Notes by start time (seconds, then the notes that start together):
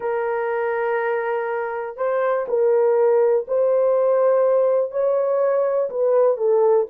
0.00 A#4
1.96 C5
2.47 A#4
3.47 C5
4.91 C#5
5.90 B4
6.37 A4